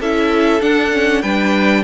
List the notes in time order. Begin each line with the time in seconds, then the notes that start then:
0.00 C#4 E4 A4 E5
0.60 D4 F#5
0.92 C#4
1.22 G3 D4 B4 G5